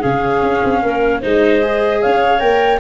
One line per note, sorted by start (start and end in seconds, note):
0.00 0.42 C#3
0.00 1.22 C#4
0.00 0.80 G#4
0.00 1.22 F5
0.42 0.62 C#4
0.63 0.82 C4
0.82 1.22 A#3
0.82 1.20 A#4
1.20 2.04 G#3
1.20 1.62 D#4
1.20 2.00 C5
1.20 2.02 D#5
1.62 2.39 G#4
2.02 2.42 C#4
2.02 2.80 C#5
2.02 2.39 F5
2.39 2.80 A#3
2.39 2.79 A#4
2.39 2.79 G5